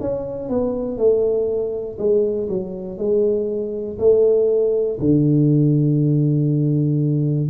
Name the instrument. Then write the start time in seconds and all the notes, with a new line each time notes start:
tuba
0.00 C#4
0.49 B3
0.98 A3
1.99 G#3
2.49 F#3
2.98 G#3
3.99 A3
5.00 D3